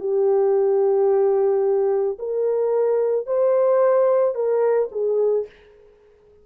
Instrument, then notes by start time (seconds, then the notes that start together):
horn
0.00 G4
2.19 A#4
3.27 C5
4.35 A#4
4.91 G#4